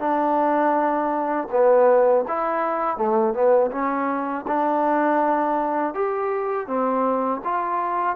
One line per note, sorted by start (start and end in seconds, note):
0.00 1.48 D4
1.52 2.26 B3
2.28 2.98 E4
2.98 3.34 A3
3.34 3.71 B3
3.72 4.46 C#4
4.48 5.95 D4
5.95 6.68 G4
6.68 7.42 C4
7.45 8.17 F4